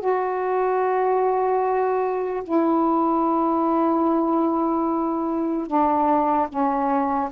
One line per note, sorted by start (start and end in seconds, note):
0.00 2.43 F#4
2.44 5.67 E4
5.67 6.48 D4
6.49 7.30 C#4